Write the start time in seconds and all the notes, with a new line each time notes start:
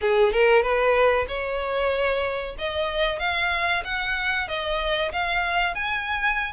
0.01 G#4
0.32 A#4
0.62 B4
1.28 C#5
2.58 D#5
3.19 F5
3.84 F#5
4.48 D#5
5.12 F5
5.74 G#5